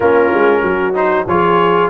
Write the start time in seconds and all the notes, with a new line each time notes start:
0.00 A#3 C#4 F4 A#4
0.33 G#3
0.62 F#3 F#4
0.93 D#4 C5
1.27 F3 F4 G#4 C#5